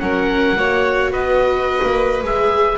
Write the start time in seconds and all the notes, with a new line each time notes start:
0.00 F#3 C#4 A#4 F#5
0.56 A#3 F#4 C#5
1.11 B3 B4 D#5
1.83 A#3
2.23 G#3 G#4 E5